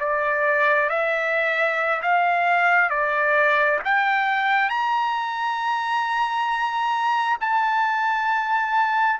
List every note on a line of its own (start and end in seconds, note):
0.00 0.90 D5
0.90 2.01 E5
2.02 2.90 F5
2.90 3.79 D5
3.85 4.69 G5
4.69 7.38 A#5
7.41 9.20 A5